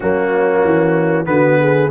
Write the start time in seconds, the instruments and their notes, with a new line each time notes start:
0.00 tuba F#3, trombone A#3, horn C#4, trumpet F#4
0.64 tuba E3
1.25 tuba D3, trombone B3, horn F#4, trumpet B4
1.59 horn G#4